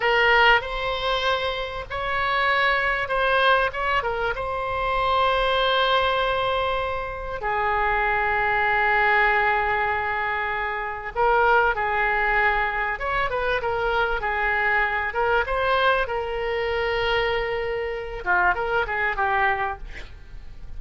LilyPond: \new Staff \with { instrumentName = "oboe" } { \time 4/4 \tempo 4 = 97 ais'4 c''2 cis''4~ | cis''4 c''4 cis''8 ais'8 c''4~ | c''1 | gis'1~ |
gis'2 ais'4 gis'4~ | gis'4 cis''8 b'8 ais'4 gis'4~ | gis'8 ais'8 c''4 ais'2~ | ais'4. f'8 ais'8 gis'8 g'4 | }